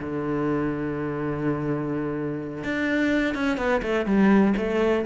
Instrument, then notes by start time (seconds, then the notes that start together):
cello
0.00 D3
2.64 D4
3.35 C#4
3.57 B3
3.82 A3
4.06 G3
4.57 A3